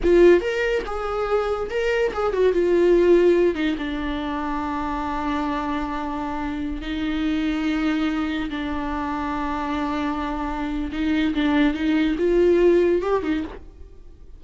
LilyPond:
\new Staff \with { instrumentName = "viola" } { \time 4/4 \tempo 4 = 143 f'4 ais'4 gis'2 | ais'4 gis'8 fis'8 f'2~ | f'8 dis'8 d'2.~ | d'1~ |
d'16 dis'2.~ dis'8.~ | dis'16 d'2.~ d'8.~ | d'2 dis'4 d'4 | dis'4 f'2 g'8 dis'8 | }